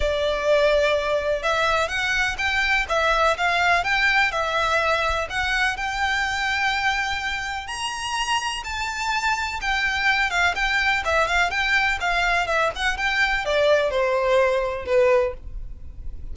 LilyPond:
\new Staff \with { instrumentName = "violin" } { \time 4/4 \tempo 4 = 125 d''2. e''4 | fis''4 g''4 e''4 f''4 | g''4 e''2 fis''4 | g''1 |
ais''2 a''2 | g''4. f''8 g''4 e''8 f''8 | g''4 f''4 e''8 fis''8 g''4 | d''4 c''2 b'4 | }